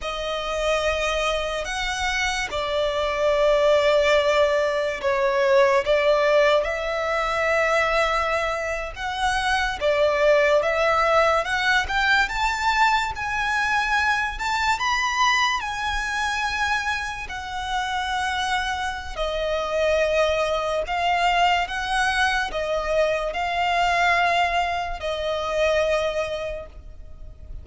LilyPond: \new Staff \with { instrumentName = "violin" } { \time 4/4 \tempo 4 = 72 dis''2 fis''4 d''4~ | d''2 cis''4 d''4 | e''2~ e''8. fis''4 d''16~ | d''8. e''4 fis''8 g''8 a''4 gis''16~ |
gis''4~ gis''16 a''8 b''4 gis''4~ gis''16~ | gis''8. fis''2~ fis''16 dis''4~ | dis''4 f''4 fis''4 dis''4 | f''2 dis''2 | }